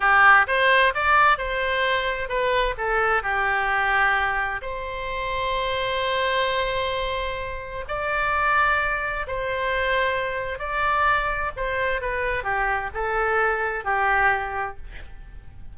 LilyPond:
\new Staff \with { instrumentName = "oboe" } { \time 4/4 \tempo 4 = 130 g'4 c''4 d''4 c''4~ | c''4 b'4 a'4 g'4~ | g'2 c''2~ | c''1~ |
c''4 d''2. | c''2. d''4~ | d''4 c''4 b'4 g'4 | a'2 g'2 | }